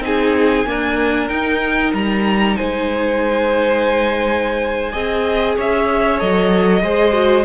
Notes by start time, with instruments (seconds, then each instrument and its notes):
0.00 cello C4, viola D#4, violin G#4 G#5
0.66 viola A#3, cello D4, violin A#4
1.28 viola D#4, cello D#4, violin G5
1.93 cello G3, violin A#5
2.56 cello G#3, violin C5 G#5
4.92 cello C4, viola G#4, violin D#5
5.55 cello C#4, violin C#5 E5
6.18 cello F#3, viola A4, violin D#5
6.83 cello G#3, viola G#4, violin C5
7.12 viola F#4